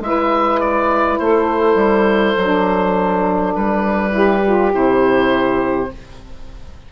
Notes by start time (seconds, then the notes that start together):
0.00 G#3 E4 B4 E5
0.60 D5
1.18 A3 A4 C5
1.75 G3
2.37 F#3 D4
3.55 G3 B4
4.10 E4 G4
4.45 F4
4.71 C3 E4 C5